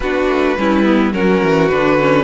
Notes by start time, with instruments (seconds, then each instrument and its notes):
0.00 cello B3, viola D4, violin F#4 B4
0.28 cello A3
0.57 cello G3, viola C#4, violin E4
0.83 viola B3
1.12 cello F#3, viola C#4, violin F#4 A#4
1.43 cello E3
1.68 cello D3, viola D4, violin B4
1.98 viola C#4